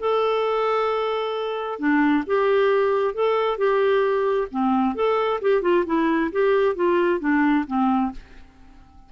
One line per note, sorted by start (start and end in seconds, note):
0.00 1.79 A4
1.79 2.24 D4
2.27 3.14 G4
3.14 3.58 A4
3.58 4.48 G4
4.51 4.95 C4
4.95 5.41 A4
5.42 5.62 G4
5.62 5.85 F4
5.86 6.31 E4
6.32 6.76 G4
6.76 7.20 F4
7.20 7.65 D4
7.67 8.12 C4